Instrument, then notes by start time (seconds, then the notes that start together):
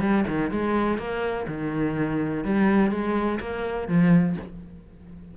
cello
0.00 G3
0.27 D#3
0.51 G#3
0.98 A#3
1.48 D#3
2.44 G3
2.91 G#3
3.40 A#3
3.88 F3